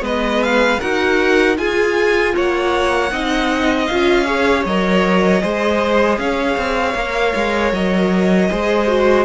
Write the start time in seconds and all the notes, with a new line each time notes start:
0.00 G#3 B3 B4 D#5
0.43 F5
0.80 D#4 F#4 A#4 F#5
1.56 F4 G#4 G#5
2.35 A#3 C#5 F#5
3.12 C4 D#4 D#5
3.86 C#4 F4 F5
4.25 G#4 C#5
4.65 F#3 A#4 D#5
5.41 G#3 G#4 C5
6.18 C#4 C#5 F5
6.57 C4
6.95 A#3 A#4
7.35 G#3
7.73 F#3 D#5
8.50 G#3 G#4 C5
8.87 F#4